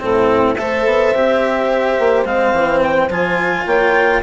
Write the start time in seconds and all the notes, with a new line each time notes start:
0.00 A2 C4 E4 A4
0.56 A3 A4 C5 E5
0.86 B3
1.14 C4 G4
2.00 A#3
2.25 G#3 C4 F5
2.53 E3
2.82 G5
3.09 F3 F4 G#5
3.66 A#3 C#5 G5